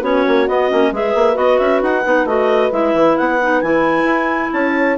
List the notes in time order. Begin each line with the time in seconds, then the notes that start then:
0.00 B3 C#4 F#4 C#5
0.27 A#3
0.48 B3 D#5
0.70 A#3 C#4
0.91 G#3 G#4 B4 E5
1.14 A#3
1.34 B3 F#4 D#5
1.58 C#4 E5
1.82 D#4 F#5
2.05 B3 D#4
2.25 A3 F#4 D#5
2.71 G#3 E4 E5
2.94 E3
3.17 B3 F#5
3.42 D#4
3.61 E3 E4 G#5
4.04 E4
4.52 C#4 C#5 A5